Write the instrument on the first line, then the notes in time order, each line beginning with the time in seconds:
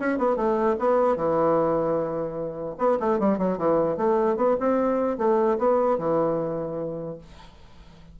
bassoon
0.00 C#4
0.18 B3
0.37 A3
0.79 B3
1.17 E3
2.79 B3
3.00 A3
3.20 G3
3.38 F#3
3.58 E3
3.97 A3
4.37 B3
4.60 C4
5.18 A3
5.58 B3
5.99 E3